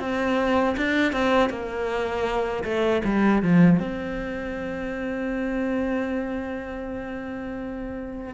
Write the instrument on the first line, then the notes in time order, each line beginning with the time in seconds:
cello
0.00 C4
0.77 D4
1.13 C4
1.50 A#3
2.64 A3
3.05 G3
3.43 F3
3.80 C4